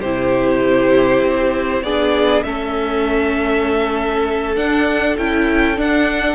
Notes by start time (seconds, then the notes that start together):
0.00 C3 E4 G4 C5
1.23 C4
1.83 B3 D4 G#4 D5
2.43 A3 C#4 A4 E5
4.56 D4 F#5
5.18 C#4 E4 G5
5.77 D4 F#5